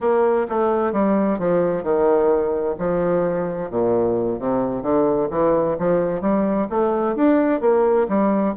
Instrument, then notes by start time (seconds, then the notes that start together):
bassoon
0.00 A#3
0.49 A3
0.92 G3
1.38 F3
1.83 D#3
2.78 F3
3.70 A#2
4.38 C3
4.82 D3
5.30 E3
5.79 F3
6.21 G3
6.69 A3
7.15 D4
7.61 A#3
8.08 G3